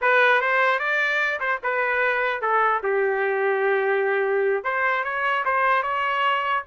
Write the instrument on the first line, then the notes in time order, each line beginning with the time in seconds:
trumpet
0.01 B4
0.41 C5
0.79 D5
1.39 C5
1.63 B4
2.41 A4
2.83 G4
4.64 C5
5.04 C#5
5.45 C5
5.83 C#5